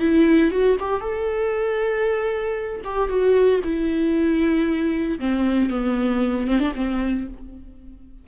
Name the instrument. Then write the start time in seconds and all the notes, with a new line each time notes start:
viola
0.00 E4
0.51 F#4
0.80 G4
1.01 A4
2.85 G4
3.09 F#4
3.64 E4
5.20 C4
5.70 B3
6.48 C4
6.60 D4
6.76 C4